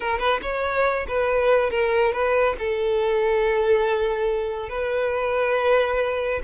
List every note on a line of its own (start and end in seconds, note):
0.00 0.18 A#4
0.18 0.40 B4
0.42 1.06 C#5
1.07 1.70 B4
1.70 2.13 A#4
2.13 2.55 B4
2.59 4.69 A4
4.69 6.40 B4